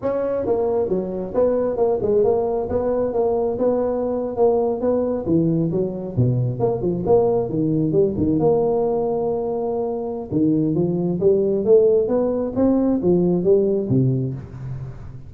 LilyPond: \new Staff \with { instrumentName = "tuba" } { \time 4/4 \tempo 4 = 134 cis'4 ais4 fis4 b4 | ais8 gis8 ais4 b4 ais4 | b4.~ b16 ais4 b4 e16~ | e8. fis4 b,4 ais8 f8 ais16~ |
ais8. dis4 g8 dis8 ais4~ ais16~ | ais2. dis4 | f4 g4 a4 b4 | c'4 f4 g4 c4 | }